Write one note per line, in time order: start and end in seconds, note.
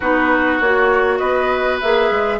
0.00 0.60 B3
0.00 0.61 D#4
0.00 1.18 F#4
0.00 0.60 B4
0.60 1.20 A#3
0.60 1.82 F#4
0.60 1.18 C#5
1.18 1.80 B3
1.18 2.39 B4
1.18 1.78 D#5
1.80 2.10 A#3
1.80 2.39 G#4
1.80 2.39 E5
2.10 2.39 G#3